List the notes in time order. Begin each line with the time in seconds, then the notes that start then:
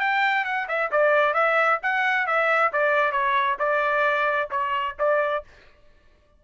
0.00 G5
0.45 F#5
0.68 E5
0.92 D5
1.34 E5
1.83 F#5
2.27 E5
2.73 D5
3.12 C#5
3.59 D5
4.51 C#5
5.00 D5